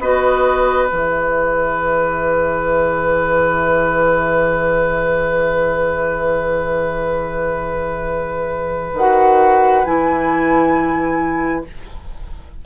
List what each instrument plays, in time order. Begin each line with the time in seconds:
0.00 bassoon B3, clarinet F#4, oboe B4, flute D#5
0.87 bassoon E3, clarinet G#4, flute E5
8.94 bassoon D#3, clarinet F#4, flute F#5
9.85 bassoon E3, clarinet E4, flute G#5